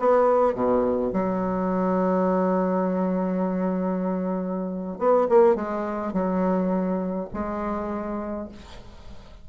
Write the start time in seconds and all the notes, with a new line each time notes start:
0.00 B3
0.55 B2
1.14 F#3
4.99 B3
5.29 A#3
5.56 G#3
6.14 F#3
7.34 G#3